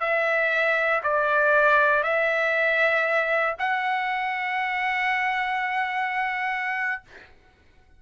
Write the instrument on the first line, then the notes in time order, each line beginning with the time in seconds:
trumpet
0.00 E5
1.03 D5
2.03 E5
3.59 F#5